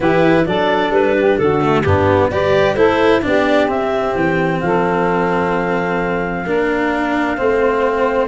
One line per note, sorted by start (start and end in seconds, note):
0.00 0.44 E3
0.00 0.46 E4
0.00 0.43 G4
0.00 0.46 B4
0.46 0.90 F#3
0.46 1.60 D4
0.46 1.17 A4
0.46 0.92 D5
0.90 1.36 G3
0.90 1.38 B4
1.18 1.40 G4
1.38 1.85 D3
1.38 1.84 F#4
1.38 1.82 A4
1.60 1.83 A3
1.82 2.30 G2
1.82 2.31 B3
1.82 2.30 D4
1.82 2.28 G4
2.30 2.75 G3
2.30 2.76 G4
2.30 2.75 B4
2.30 2.75 D5
2.75 3.21 A3
2.75 3.22 E4
2.75 3.21 A4
2.75 3.21 C5
3.22 3.67 B3
3.22 3.67 D4
3.22 4.63 G4
3.22 3.69 D5
3.67 4.14 C4
3.67 6.44 C4
3.67 4.15 E5
4.15 4.61 E3
4.15 4.60 G5
4.60 6.46 F3
4.60 6.45 A4
4.60 8.28 F5
6.45 7.38 A#3
6.45 7.37 D4
6.45 7.37 A#4
7.37 8.28 A3
7.37 8.28 C4
7.37 8.28 C5